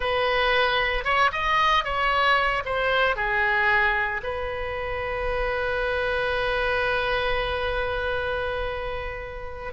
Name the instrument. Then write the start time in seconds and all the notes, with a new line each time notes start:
oboe
0.00 B4
1.04 C#5
1.32 D#5
1.84 C#5
2.65 C5
3.16 G#4
4.23 B4